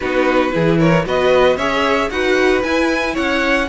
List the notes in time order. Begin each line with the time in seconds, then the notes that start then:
0.00 B3 D#4 F#4 B4
0.51 E3 E4 G#4
0.79 A#4 C#5
1.05 B3 F#4 B4 D#5
1.56 C#4 G#4 C#5 E5
2.10 D#4 F#4 B4 F#5
2.62 E4 G#5
3.13 C#4 C#5 F#5